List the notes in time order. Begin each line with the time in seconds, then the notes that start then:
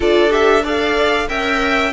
0.00 D4 F4 A4 D5
0.30 G4 E5
0.63 A4 D5 F5
1.28 C#4 A#4 E5 G5